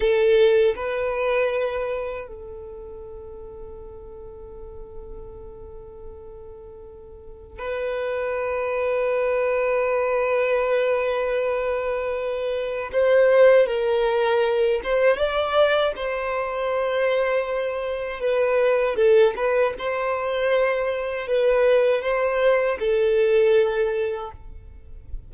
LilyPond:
\new Staff \with { instrumentName = "violin" } { \time 4/4 \tempo 4 = 79 a'4 b'2 a'4~ | a'1~ | a'2 b'2~ | b'1~ |
b'4 c''4 ais'4. c''8 | d''4 c''2. | b'4 a'8 b'8 c''2 | b'4 c''4 a'2 | }